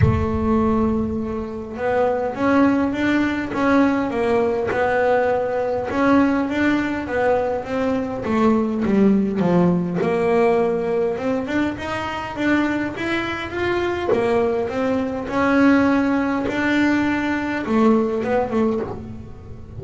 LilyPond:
\new Staff \with { instrumentName = "double bass" } { \time 4/4 \tempo 4 = 102 a2. b4 | cis'4 d'4 cis'4 ais4 | b2 cis'4 d'4 | b4 c'4 a4 g4 |
f4 ais2 c'8 d'8 | dis'4 d'4 e'4 f'4 | ais4 c'4 cis'2 | d'2 a4 b8 a8 | }